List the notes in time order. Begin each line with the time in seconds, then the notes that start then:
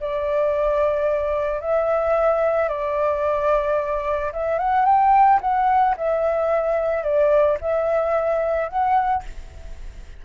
0.00 D5
1.60 E5
2.69 D5
4.33 E5
4.59 F#5
4.85 G5
5.41 F#5
5.97 E5
7.03 D5
7.61 E5
8.69 F#5